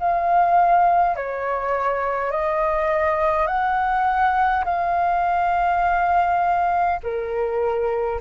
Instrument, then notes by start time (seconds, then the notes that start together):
flute
0.00 F5
1.16 C#5
2.32 D#5
3.47 F#5
4.65 F5
7.03 A#4